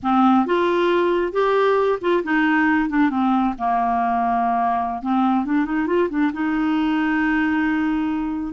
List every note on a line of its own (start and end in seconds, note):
0.02 0.46 C4
0.46 1.32 F4
1.32 1.99 G4
2.01 2.23 F4
2.23 2.89 D#4
2.89 3.09 D4
3.09 3.54 C4
3.58 5.02 A#3
5.02 5.45 C4
5.45 5.65 D4
5.65 5.86 D#4
5.86 6.08 F4
6.09 6.31 D4
6.33 8.53 D#4